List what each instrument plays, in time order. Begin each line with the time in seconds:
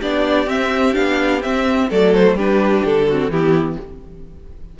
0.00 cello B3, viola D4, violin G4 D5
0.47 viola C4, cello C4, violin E5
0.94 cello B3, viola D4, violin F5
1.41 viola C4, cello C4, violin E5
1.89 cello F#3, viola A3, violin A4 D5
2.14 violin C5
2.34 cello G3, viola D4, violin G4 B4
2.85 cello D3, violin A4
3.08 viola C4, violin F#4
3.29 cello E3, viola B3, violin E4 G4